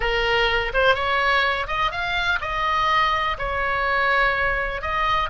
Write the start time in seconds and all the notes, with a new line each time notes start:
0.00 A#4
0.73 C5
0.94 C#5
1.67 D#5
1.91 F5
2.41 D#5
3.38 C#5
4.81 D#5